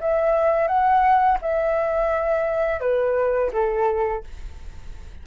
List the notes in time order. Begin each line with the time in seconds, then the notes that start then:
0.00 E5
0.67 F#5
1.41 E5
2.80 B4
3.53 A4